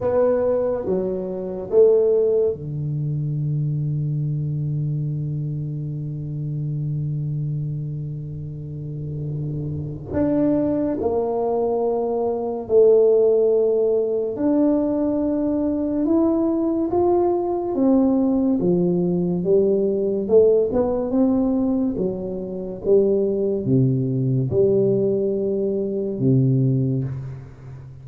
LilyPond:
\new Staff \with { instrumentName = "tuba" } { \time 4/4 \tempo 4 = 71 b4 fis4 a4 d4~ | d1~ | d1 | d'4 ais2 a4~ |
a4 d'2 e'4 | f'4 c'4 f4 g4 | a8 b8 c'4 fis4 g4 | c4 g2 c4 | }